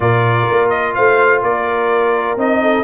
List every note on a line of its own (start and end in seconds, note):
0.00 0.47 A#2
0.00 2.37 F4
0.00 0.95 A#4
0.00 0.69 D5
0.49 0.97 A#3
0.69 0.93 D#5
0.94 1.42 A3
0.94 1.42 C5
0.94 1.42 F5
1.42 2.36 A#3
1.42 2.62 A#4
1.42 2.38 D5
2.36 2.83 C4
2.36 2.84 D#4
2.36 2.84 D#5
2.62 2.84 A4